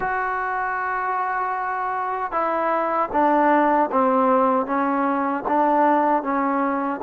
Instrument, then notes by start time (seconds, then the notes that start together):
trombone
0.00 F#4
2.31 E4
3.12 D4
3.91 C4
4.66 C#4
5.48 D4
6.22 C#4